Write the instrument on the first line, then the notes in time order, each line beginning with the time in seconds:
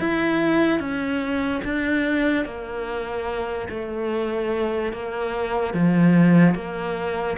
cello
0.00 E4
0.80 C#4
1.64 D4
2.45 A#3
3.70 A3
4.93 A#3
5.74 F3
6.55 A#3